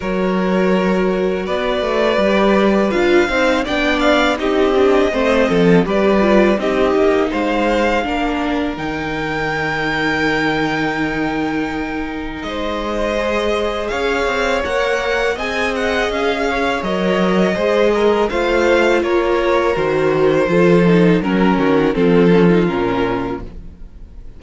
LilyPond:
<<
  \new Staff \with { instrumentName = "violin" } { \time 4/4 \tempo 4 = 82 cis''2 d''2 | f''4 g''8 f''8 dis''2 | d''4 dis''4 f''2 | g''1~ |
g''4 dis''2 f''4 | fis''4 gis''8 fis''8 f''4 dis''4~ | dis''4 f''4 cis''4 c''4~ | c''4 ais'4 a'4 ais'4 | }
  \new Staff \with { instrumentName = "violin" } { \time 4/4 ais'2 b'2~ | b'8 c''8 d''4 g'4 c''8 a'8 | b'4 g'4 c''4 ais'4~ | ais'1~ |
ais'4 c''2 cis''4~ | cis''4 dis''4. cis''4. | c''8 ais'8 c''4 ais'2 | a'4 ais'8 fis'8 f'2 | }
  \new Staff \with { instrumentName = "viola" } { \time 4/4 fis'2. g'4 | f'8 dis'8 d'4 dis'8 d'8 c'4 | g'8 f'8 dis'2 d'4 | dis'1~ |
dis'2 gis'2 | ais'4 gis'2 ais'4 | gis'4 f'2 fis'4 | f'8 dis'8 cis'4 c'8 cis'16 dis'16 cis'4 | }
  \new Staff \with { instrumentName = "cello" } { \time 4/4 fis2 b8 a8 g4 | d'8 c'8 b4 c'4 a8 f8 | g4 c'8 ais8 gis4 ais4 | dis1~ |
dis4 gis2 cis'8 c'8 | ais4 c'4 cis'4 fis4 | gis4 a4 ais4 dis4 | f4 fis8 dis8 f4 ais,4 | }
>>